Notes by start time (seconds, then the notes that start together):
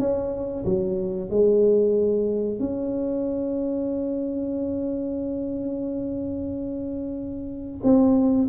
0.00 C#4
0.65 F#3
1.30 G#3
2.60 C#4
7.84 C4